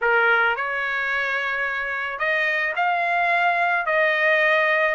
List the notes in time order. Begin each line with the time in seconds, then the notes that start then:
0.01 A#4
0.56 C#5
2.18 D#5
2.75 F5
3.86 D#5